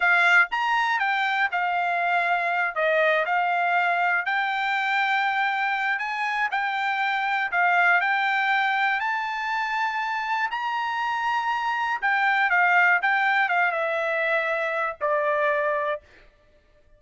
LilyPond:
\new Staff \with { instrumentName = "trumpet" } { \time 4/4 \tempo 4 = 120 f''4 ais''4 g''4 f''4~ | f''4. dis''4 f''4.~ | f''8 g''2.~ g''8 | gis''4 g''2 f''4 |
g''2 a''2~ | a''4 ais''2. | g''4 f''4 g''4 f''8 e''8~ | e''2 d''2 | }